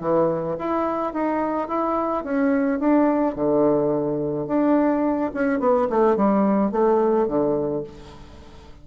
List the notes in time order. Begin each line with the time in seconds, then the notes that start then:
0.00 E3
0.58 E4
1.13 D#4
1.68 E4
2.24 C#4
2.79 D4
3.35 D3
4.47 D4
5.34 C#4
5.59 B3
5.89 A3
6.16 G3
6.71 A3
7.27 D3